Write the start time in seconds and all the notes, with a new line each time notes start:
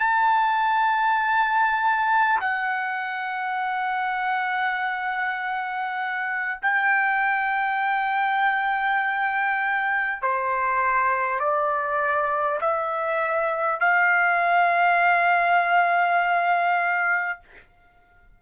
0.00 A5
2.41 F#5
6.62 G5
10.22 C5
11.39 D5
12.61 E5
13.81 F5